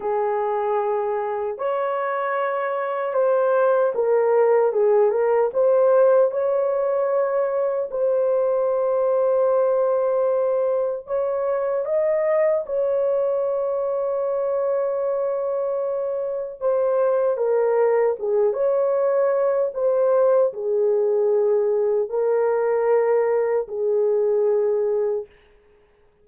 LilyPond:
\new Staff \with { instrumentName = "horn" } { \time 4/4 \tempo 4 = 76 gis'2 cis''2 | c''4 ais'4 gis'8 ais'8 c''4 | cis''2 c''2~ | c''2 cis''4 dis''4 |
cis''1~ | cis''4 c''4 ais'4 gis'8 cis''8~ | cis''4 c''4 gis'2 | ais'2 gis'2 | }